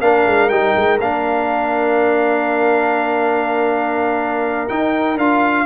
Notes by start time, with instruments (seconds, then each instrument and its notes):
0.00 tuba A#3, trombone D4, horn A#4, trumpet F5
0.26 tuba G#3
0.48 tuba G3, trombone D#4, trumpet G5
0.76 tuba G#3
0.99 tuba A#3, trombone D4, trumpet F5
4.68 trombone D#4, tuba D#4, trumpet G5
5.17 tuba D4, trombone F4, trumpet F5